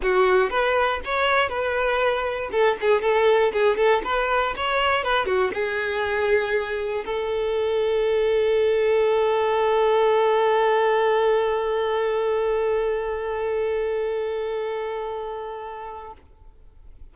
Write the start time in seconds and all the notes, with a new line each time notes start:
0.02 F#4
0.50 B4
1.04 C#5
1.49 B4
2.51 A4
2.81 G#4
3.01 A4
3.52 G#4
3.76 A4
4.03 B4
4.56 C#5
5.03 B4
5.26 F#4
5.53 G#4
7.05 A4